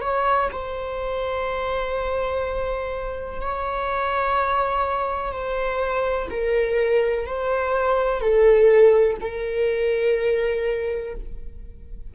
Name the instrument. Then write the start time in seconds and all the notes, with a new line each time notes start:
viola
0.00 C#5
0.51 C5
3.40 C#5
5.31 C5
6.30 A#4
7.26 C5
8.20 A4
9.21 A#4